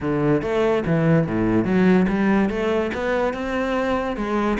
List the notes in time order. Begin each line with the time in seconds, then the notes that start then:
0.01 D3
0.42 A3
0.86 E3
1.27 A2
1.64 F#3
2.08 G3
2.49 A3
2.94 B3
3.33 C4
4.16 G#3